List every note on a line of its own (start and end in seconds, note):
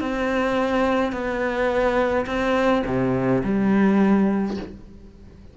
0.00 1.12 C4
1.12 2.25 B3
2.26 2.83 C4
2.86 3.43 C3
3.43 4.57 G3